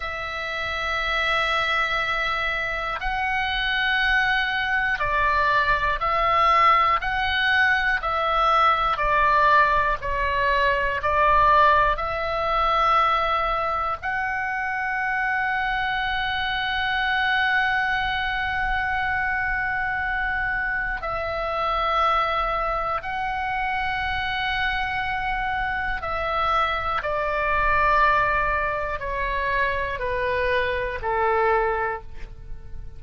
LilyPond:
\new Staff \with { instrumentName = "oboe" } { \time 4/4 \tempo 4 = 60 e''2. fis''4~ | fis''4 d''4 e''4 fis''4 | e''4 d''4 cis''4 d''4 | e''2 fis''2~ |
fis''1~ | fis''4 e''2 fis''4~ | fis''2 e''4 d''4~ | d''4 cis''4 b'4 a'4 | }